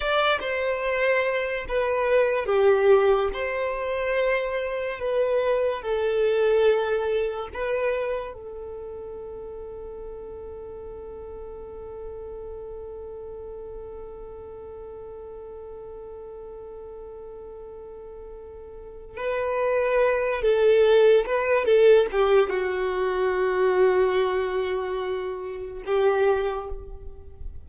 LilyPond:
\new Staff \with { instrumentName = "violin" } { \time 4/4 \tempo 4 = 72 d''8 c''4. b'4 g'4 | c''2 b'4 a'4~ | a'4 b'4 a'2~ | a'1~ |
a'1~ | a'2. b'4~ | b'8 a'4 b'8 a'8 g'8 fis'4~ | fis'2. g'4 | }